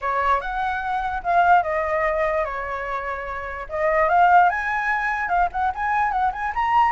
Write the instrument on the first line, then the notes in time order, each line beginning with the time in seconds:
flute
0.01 C#5
0.40 F#5
1.23 F5
1.63 D#5
2.44 C#5
3.69 D#5
4.08 F5
4.49 G#5
5.29 F5
5.51 F#5
5.74 G#5
6.11 F#5
6.32 G#5
6.54 A#5